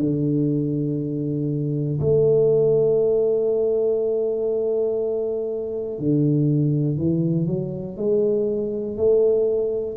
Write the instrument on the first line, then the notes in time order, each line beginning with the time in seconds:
tuba
0.00 D3
2.00 A3
5.99 D3
6.98 E3
7.47 F#3
7.97 G#3
8.97 A3